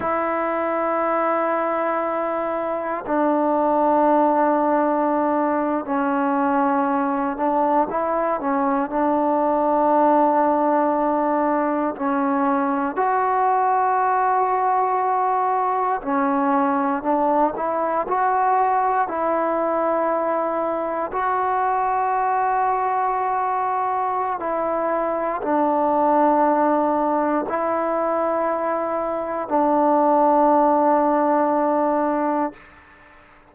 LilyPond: \new Staff \with { instrumentName = "trombone" } { \time 4/4 \tempo 4 = 59 e'2. d'4~ | d'4.~ d'16 cis'4. d'8 e'16~ | e'16 cis'8 d'2. cis'16~ | cis'8. fis'2. cis'16~ |
cis'8. d'8 e'8 fis'4 e'4~ e'16~ | e'8. fis'2.~ fis'16 | e'4 d'2 e'4~ | e'4 d'2. | }